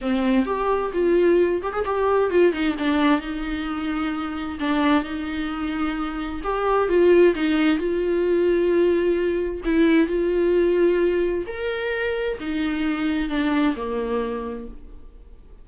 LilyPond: \new Staff \with { instrumentName = "viola" } { \time 4/4 \tempo 4 = 131 c'4 g'4 f'4. g'16 gis'16 | g'4 f'8 dis'8 d'4 dis'4~ | dis'2 d'4 dis'4~ | dis'2 g'4 f'4 |
dis'4 f'2.~ | f'4 e'4 f'2~ | f'4 ais'2 dis'4~ | dis'4 d'4 ais2 | }